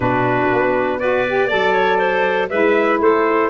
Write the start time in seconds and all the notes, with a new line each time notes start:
0.00 B2 D4 F#4 B4
0.52 B3
0.99 F#4 B4 D5
1.28 G4
1.48 F#3 A4 D5
1.72 C#5
1.98 C5
2.49 G#3 E4 B4 E5
3.00 A3 A4 C5